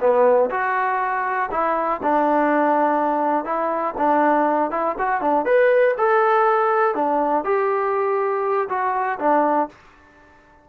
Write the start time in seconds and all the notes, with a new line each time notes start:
0.00 B3
0.50 F#4
1.51 E4
2.03 D4
3.44 E4
3.98 D4
4.71 E4
4.98 F#4
5.21 D4
5.45 B4
5.98 A4
6.94 D4
7.44 G4
8.69 F#4
9.19 D4